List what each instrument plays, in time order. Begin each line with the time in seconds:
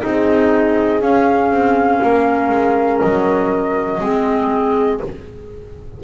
0.00 double bass C4, clarinet D#4, horn G#4, flute D#5
1.01 double bass C#4, clarinet C#4, flute F5
1.51 double bass C4
2.02 double bass A#3, horn A#4
2.50 double bass G#3
3.00 double bass F#3, flute D#5
4.01 double bass G#3, clarinet C4, horn G#4